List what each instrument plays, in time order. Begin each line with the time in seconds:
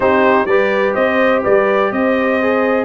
0.00 tuba C4, trombone D#4, horn G4, trumpet C5
0.44 tuba G3, trombone G4, horn B4, trumpet D5
0.94 tuba C4, horn C5, trumpet D#5
1.42 tuba G3, horn B4, trumpet D5
1.91 tuba C4, horn C5, trumpet D#5
2.42 trombone G#4